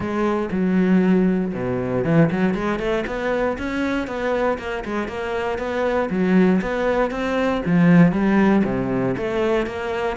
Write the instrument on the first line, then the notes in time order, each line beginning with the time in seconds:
cello
0.00 G#3
0.51 F#3
1.54 B2
2.04 E3
2.31 F#3
2.54 G#3
2.79 A3
3.06 B3
3.58 C#4
4.07 B3
4.58 A#3
4.84 G#3
5.07 A#3
5.58 B3
6.10 F#3
6.61 B3
7.10 C4
7.65 F3
8.12 G3
8.64 C3
9.17 A3
9.66 A#3